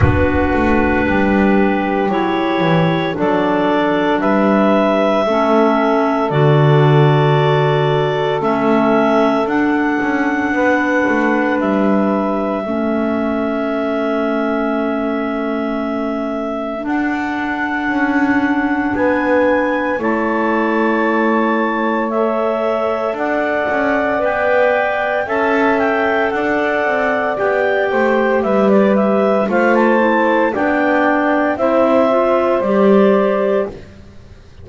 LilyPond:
<<
  \new Staff \with { instrumentName = "clarinet" } { \time 4/4 \tempo 4 = 57 b'2 cis''4 d''4 | e''2 d''2 | e''4 fis''2 e''4~ | e''1 |
fis''2 gis''4 a''4~ | a''4 e''4 fis''4 g''4 | a''8 g''8 fis''4 g''4 e''16 d''16 e''8 | f''16 a''8. g''4 e''4 d''4 | }
  \new Staff \with { instrumentName = "saxophone" } { \time 4/4 fis'4 g'2 a'4 | b'4 a'2.~ | a'2 b'2 | a'1~ |
a'2 b'4 cis''4~ | cis''2 d''2 | e''4 d''4. c''8 b'4 | c''4 d''4 c''2 | }
  \new Staff \with { instrumentName = "clarinet" } { \time 4/4 d'2 e'4 d'4~ | d'4 cis'4 fis'2 | cis'4 d'2. | cis'1 |
d'2. e'4~ | e'4 a'2 b'4 | a'2 g'2 | f'8 e'8 d'4 e'8 f'8 g'4 | }
  \new Staff \with { instrumentName = "double bass" } { \time 4/4 b8 a8 g4 fis8 e8 fis4 | g4 a4 d2 | a4 d'8 cis'8 b8 a8 g4 | a1 |
d'4 cis'4 b4 a4~ | a2 d'8 cis'8 b4 | cis'4 d'8 c'8 b8 a8 g4 | a4 b4 c'4 g4 | }
>>